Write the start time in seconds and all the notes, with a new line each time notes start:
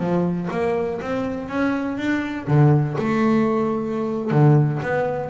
0.00 F3
0.51 A#3
1.02 C4
1.49 C#4
1.98 D4
2.48 D3
2.98 A3
4.31 D3
4.83 B3